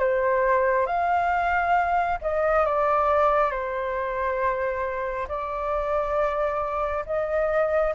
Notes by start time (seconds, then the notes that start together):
0.00 C5
0.87 F5
2.22 D#5
2.66 D5
3.51 C5
5.28 D5
7.06 D#5